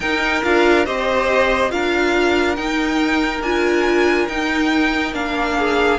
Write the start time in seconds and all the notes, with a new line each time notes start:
0.00 D#4 A#4 G5
0.43 D4 F4 F5
0.85 C4 G4 C5 D#5
1.70 D4 F4 A#4 F5
2.56 D#4 G5
3.41 D4 F4 G#5
4.28 D#4 G5
5.13 A#3 D4 F5
5.58 G#4